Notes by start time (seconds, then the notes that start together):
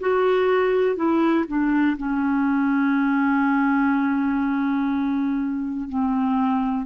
0.00 F#4
0.96 E4
1.48 D4
1.97 C#4
5.88 C4